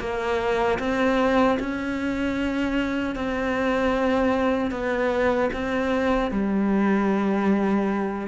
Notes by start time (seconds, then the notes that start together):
0.00 A#3
0.80 C4
1.60 C#4
3.16 C4
4.71 B3
5.53 C4
6.31 G3